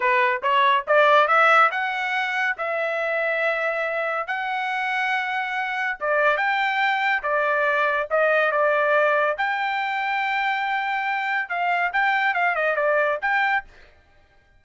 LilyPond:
\new Staff \with { instrumentName = "trumpet" } { \time 4/4 \tempo 4 = 141 b'4 cis''4 d''4 e''4 | fis''2 e''2~ | e''2 fis''2~ | fis''2 d''4 g''4~ |
g''4 d''2 dis''4 | d''2 g''2~ | g''2. f''4 | g''4 f''8 dis''8 d''4 g''4 | }